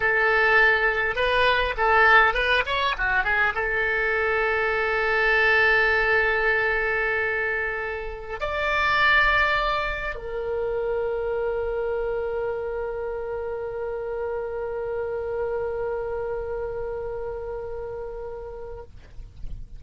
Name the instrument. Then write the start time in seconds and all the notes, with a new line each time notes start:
oboe
0.00 A4
1.15 B4
1.77 A4
2.34 B4
2.66 C#5
2.98 F#4
3.24 G#4
3.54 A4
8.40 D5
10.15 A#4